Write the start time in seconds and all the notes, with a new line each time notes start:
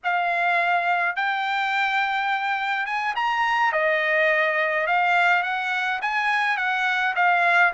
0.03 F5
1.16 G5
2.85 G#5
3.15 A#5
3.72 D#5
4.86 F5
5.42 F#5
6.01 G#5
6.57 F#5
7.15 F5